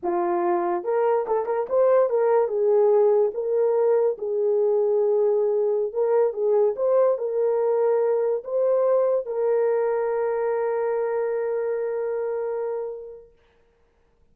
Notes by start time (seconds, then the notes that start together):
0.02 F4
0.84 A#4
1.27 A4
1.46 A#4
1.69 C5
2.09 A#4
2.48 G#4
3.34 A#4
4.18 G#4
5.92 A#4
6.33 G#4
6.76 C5
7.18 A#4
8.44 C5
9.26 A#4